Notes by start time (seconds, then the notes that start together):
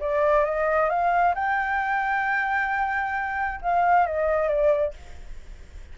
0.00 D5
0.45 D#5
0.90 F5
1.35 G5
3.62 F5
4.07 D#5
4.49 D5